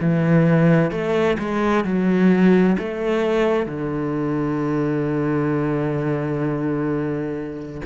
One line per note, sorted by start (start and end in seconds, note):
0.00 0.91 E3
0.91 1.37 A3
1.38 1.84 G#3
1.84 2.77 F#3
2.78 3.66 A3
3.66 7.81 D3